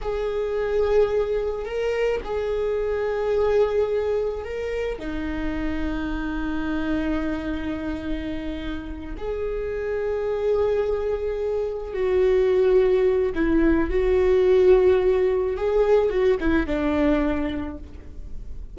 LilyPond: \new Staff \with { instrumentName = "viola" } { \time 4/4 \tempo 4 = 108 gis'2. ais'4 | gis'1 | ais'4 dis'2.~ | dis'1~ |
dis'8 gis'2.~ gis'8~ | gis'4. fis'2~ fis'8 | e'4 fis'2. | gis'4 fis'8 e'8 d'2 | }